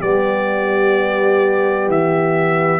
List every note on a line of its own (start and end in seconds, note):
0.00 1.87 G3
0.00 2.80 B3
0.00 2.80 G4
0.00 1.89 D5
1.87 2.80 E3
1.87 2.80 E5